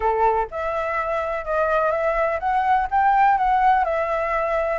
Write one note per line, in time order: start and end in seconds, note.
0.00 0.47 A4
0.50 1.44 E5
1.44 1.91 D#5
1.91 2.39 E5
2.39 2.87 F#5
2.90 3.37 G5
3.37 3.84 F#5
3.84 4.79 E5